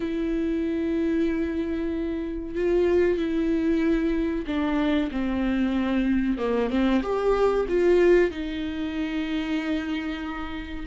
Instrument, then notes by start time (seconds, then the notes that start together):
viola
0.00 E4
2.55 F4
3.17 E4
4.46 D4
5.11 C4
6.38 A#3
6.69 C4
7.02 G4
7.68 F4
8.30 D#4